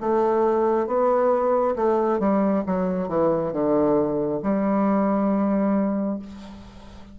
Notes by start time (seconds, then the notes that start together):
0.00 A3
0.87 B3
1.76 A3
2.19 G3
2.66 F#3
3.08 E3
3.53 D3
4.43 G3